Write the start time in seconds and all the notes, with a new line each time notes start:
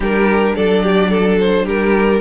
0.00 G3 D4 G4 A#4
0.55 F#3 A4 D5
0.82 G4
1.09 A4
1.39 C5
1.64 G3 G4 A#4